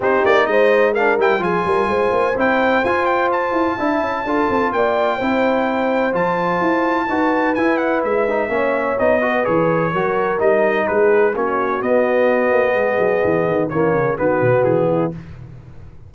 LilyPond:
<<
  \new Staff \with { instrumentName = "trumpet" } { \time 4/4 \tempo 4 = 127 c''8 d''8 dis''4 f''8 g''8 gis''4~ | gis''4 g''4 gis''8 g''8 a''4~ | a''2 g''2~ | g''4 a''2. |
gis''8 fis''8 e''2 dis''4 | cis''2 dis''4 b'4 | cis''4 dis''2.~ | dis''4 cis''4 b'4 gis'4 | }
  \new Staff \with { instrumentName = "horn" } { \time 4/4 g'4 c''4 ais'4 gis'8 ais'8 | c''1 | e''4 a'4 d''4 c''4~ | c''2. b'4~ |
b'2 cis''4. b'8~ | b'4 ais'2 gis'4 | fis'2. gis'4~ | gis'4 cis'4 fis'4. e'8 | }
  \new Staff \with { instrumentName = "trombone" } { \time 4/4 dis'2 d'8 e'8 f'4~ | f'4 e'4 f'2 | e'4 f'2 e'4~ | e'4 f'2 fis'4 |
e'4. dis'8 cis'4 dis'8 fis'8 | gis'4 fis'4 dis'2 | cis'4 b2.~ | b4 ais4 b2 | }
  \new Staff \with { instrumentName = "tuba" } { \time 4/4 c'8 ais8 gis4. g8 f8 g8 | gis8 ais8 c'4 f'4. e'8 | d'8 cis'8 d'8 c'8 ais4 c'4~ | c'4 f4 e'4 dis'4 |
e'4 gis4 ais4 b4 | e4 fis4 g4 gis4 | ais4 b4. ais8 gis8 fis8 | e8 dis8 e8 cis8 dis8 b,8 e4 | }
>>